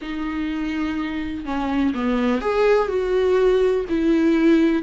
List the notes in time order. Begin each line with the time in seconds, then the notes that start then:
0.01 D#4
1.45 C#4
1.94 B3
2.41 G#4
2.88 F#4
3.89 E4